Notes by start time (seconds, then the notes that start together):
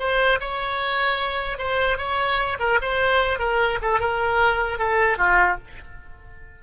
0.00 C5
0.41 C#5
1.59 C5
1.98 C#5
2.60 A#4
2.82 C5
3.39 A#4
3.82 A4
4.00 A#4
4.79 A4
5.18 F4